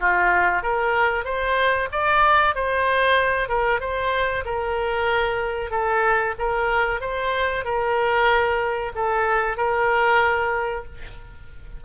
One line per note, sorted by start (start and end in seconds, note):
0.00 0.62 F4
0.62 1.25 A#4
1.25 1.89 C5
1.92 2.55 D5
2.55 3.48 C5
3.48 3.80 A#4
3.80 4.44 C5
4.45 5.71 A#4
5.71 6.35 A4
6.39 7.01 A#4
7.01 7.65 C5
7.65 8.92 A#4
8.95 9.57 A4
9.57 10.85 A#4